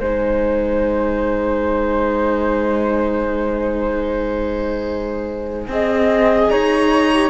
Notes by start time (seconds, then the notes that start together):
0.00 G#3 D#4 C5 G#5
5.68 C4 G#4 D#5
6.49 D#4 C#5 A#5
7.13 G4